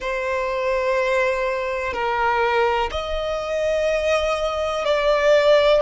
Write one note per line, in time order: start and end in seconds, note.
0.00 1.93 C5
1.93 2.90 A#4
2.91 4.84 D#5
4.84 5.81 D5